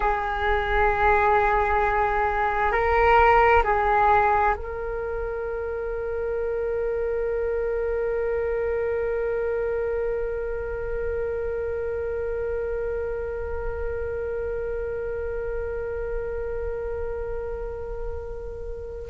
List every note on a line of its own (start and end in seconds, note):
0.00 2.71 G#4
2.71 3.62 A#4
3.63 4.54 G#4
4.55 19.10 A#4